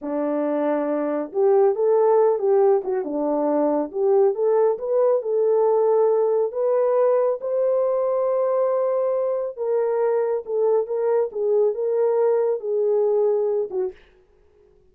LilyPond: \new Staff \with { instrumentName = "horn" } { \time 4/4 \tempo 4 = 138 d'2. g'4 | a'4. g'4 fis'8 d'4~ | d'4 g'4 a'4 b'4 | a'2. b'4~ |
b'4 c''2.~ | c''2 ais'2 | a'4 ais'4 gis'4 ais'4~ | ais'4 gis'2~ gis'8 fis'8 | }